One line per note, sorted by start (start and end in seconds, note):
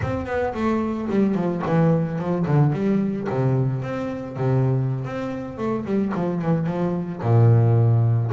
0.01 0.26 C4
0.26 0.53 B3
0.54 1.08 A3
1.09 1.34 G3
1.34 1.61 F3
1.66 2.18 E3
2.18 2.45 F3
2.46 2.72 D3
2.72 3.27 G3
3.29 3.82 C3
3.82 4.36 C4
4.36 5.04 C3
5.04 5.57 C4
5.57 5.85 A3
5.85 6.12 G3
6.14 6.41 F3
6.41 6.66 E3
6.66 7.21 F3
7.21 8.30 A#2